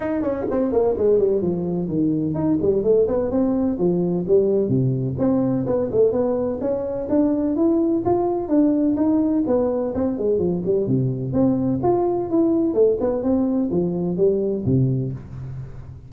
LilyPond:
\new Staff \with { instrumentName = "tuba" } { \time 4/4 \tempo 4 = 127 dis'8 cis'8 c'8 ais8 gis8 g8 f4 | dis4 dis'8 g8 a8 b8 c'4 | f4 g4 c4 c'4 | b8 a8 b4 cis'4 d'4 |
e'4 f'4 d'4 dis'4 | b4 c'8 gis8 f8 g8 c4 | c'4 f'4 e'4 a8 b8 | c'4 f4 g4 c4 | }